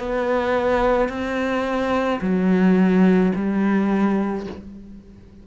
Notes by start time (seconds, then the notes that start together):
0.00 B3
1.09 C4
2.22 F#3
3.36 G3